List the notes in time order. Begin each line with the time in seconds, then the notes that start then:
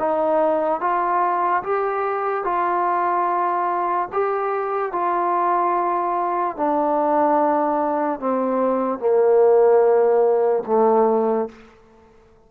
0.00 D#4
0.81 F4
1.64 G4
2.44 F4
4.13 G4
4.92 F4
6.57 D4
8.20 C4
8.99 A#3
10.67 A3